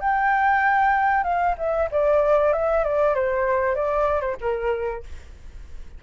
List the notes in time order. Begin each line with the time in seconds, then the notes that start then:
0.00 G5
1.24 F5
1.58 E5
1.91 D5
2.53 E5
2.84 D5
3.15 C5
3.75 D5
4.21 C5
4.41 A#4